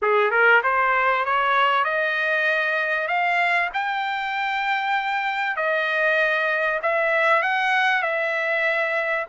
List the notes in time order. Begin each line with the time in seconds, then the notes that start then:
0.02 G#4
0.30 A#4
0.63 C5
1.25 C#5
1.84 D#5
3.07 F5
3.73 G5
5.56 D#5
6.82 E5
7.42 F#5
8.02 E5